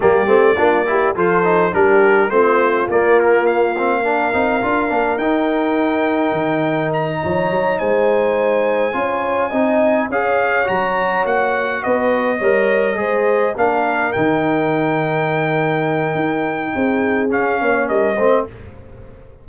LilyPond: <<
  \new Staff \with { instrumentName = "trumpet" } { \time 4/4 \tempo 4 = 104 d''2 c''4 ais'4 | c''4 d''8 ais'8 f''2~ | f''4 g''2. | ais''4. gis''2~ gis''8~ |
gis''4. f''4 ais''4 fis''8~ | fis''8 dis''2. f''8~ | f''8 g''2.~ g''8~ | g''2 f''4 dis''4 | }
  \new Staff \with { instrumentName = "horn" } { \time 4/4 g'4 f'8 g'8 a'4 g'4 | f'2. ais'4~ | ais'1~ | ais'8 cis''4 c''2 cis''8~ |
cis''8 dis''4 cis''2~ cis''8~ | cis''8 b'4 cis''4 c''4 ais'8~ | ais'1~ | ais'4 gis'4. cis''8 ais'8 c''8 | }
  \new Staff \with { instrumentName = "trombone" } { \time 4/4 ais8 c'8 d'8 e'8 f'8 dis'8 d'4 | c'4 ais4. c'8 d'8 dis'8 | f'8 d'8 dis'2.~ | dis'2.~ dis'8 f'8~ |
f'8 dis'4 gis'4 fis'4.~ | fis'4. ais'4 gis'4 d'8~ | d'8 dis'2.~ dis'8~ | dis'2 cis'4. c'8 | }
  \new Staff \with { instrumentName = "tuba" } { \time 4/4 g8 a8 ais4 f4 g4 | a4 ais2~ ais8 c'8 | d'8 ais8 dis'2 dis4~ | dis8 f8 fis8 gis2 cis'8~ |
cis'8 c'4 cis'4 fis4 ais8~ | ais8 b4 g4 gis4 ais8~ | ais8 dis2.~ dis8 | dis'4 c'4 cis'8 ais8 g8 a8 | }
>>